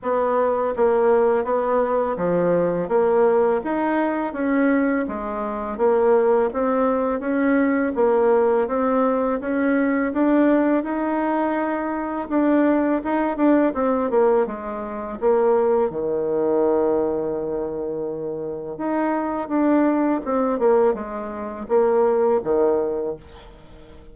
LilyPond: \new Staff \with { instrumentName = "bassoon" } { \time 4/4 \tempo 4 = 83 b4 ais4 b4 f4 | ais4 dis'4 cis'4 gis4 | ais4 c'4 cis'4 ais4 | c'4 cis'4 d'4 dis'4~ |
dis'4 d'4 dis'8 d'8 c'8 ais8 | gis4 ais4 dis2~ | dis2 dis'4 d'4 | c'8 ais8 gis4 ais4 dis4 | }